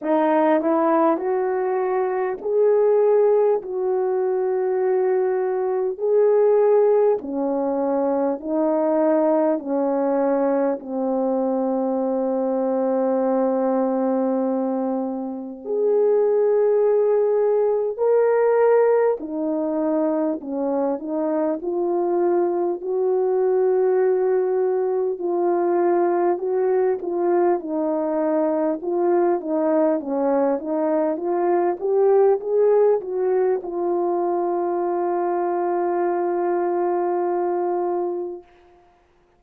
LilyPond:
\new Staff \with { instrumentName = "horn" } { \time 4/4 \tempo 4 = 50 dis'8 e'8 fis'4 gis'4 fis'4~ | fis'4 gis'4 cis'4 dis'4 | cis'4 c'2.~ | c'4 gis'2 ais'4 |
dis'4 cis'8 dis'8 f'4 fis'4~ | fis'4 f'4 fis'8 f'8 dis'4 | f'8 dis'8 cis'8 dis'8 f'8 g'8 gis'8 fis'8 | f'1 | }